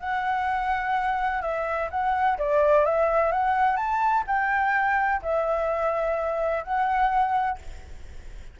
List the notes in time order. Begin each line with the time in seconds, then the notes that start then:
0.00 F#5
1.42 E5
1.90 F#5
2.38 D5
2.85 E5
3.32 F#5
3.76 A5
4.27 G5
5.22 E5
6.64 F#5